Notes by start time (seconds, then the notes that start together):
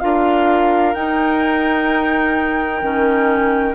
0.00 D4 F4 A#4 F5
0.94 D#4 G5
2.81 D#3 C#4